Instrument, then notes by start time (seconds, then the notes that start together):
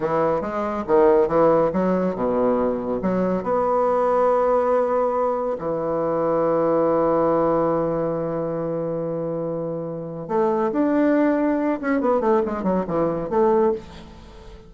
bassoon
0.00 E3
0.41 G#3
0.87 D#3
1.28 E3
1.72 F#3
2.15 B2
3.02 F#3
3.43 B3
5.58 E3
10.27 A3
10.72 D4
11.81 C#4
12.00 B3
12.20 A3
12.45 G#3
12.63 F#3
12.87 E3
13.29 A3